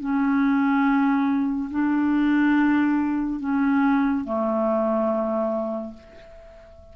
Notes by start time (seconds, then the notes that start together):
0.00 C#4
1.71 D4
3.40 C#4
4.24 A3